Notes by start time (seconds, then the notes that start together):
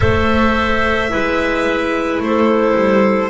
0.00 A3 A4 C5 E5
1.09 G#3 E4 B4
2.19 A3 C5
2.25 A4
2.75 G3